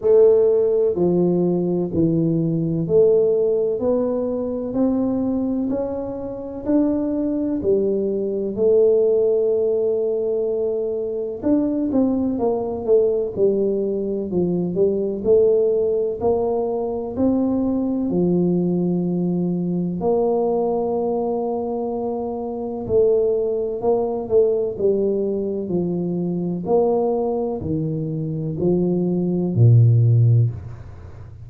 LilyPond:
\new Staff \with { instrumentName = "tuba" } { \time 4/4 \tempo 4 = 63 a4 f4 e4 a4 | b4 c'4 cis'4 d'4 | g4 a2. | d'8 c'8 ais8 a8 g4 f8 g8 |
a4 ais4 c'4 f4~ | f4 ais2. | a4 ais8 a8 g4 f4 | ais4 dis4 f4 ais,4 | }